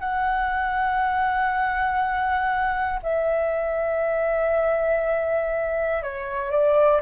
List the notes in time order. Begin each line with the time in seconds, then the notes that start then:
0.00 F#5
3.03 E5
6.03 C#5
6.51 D5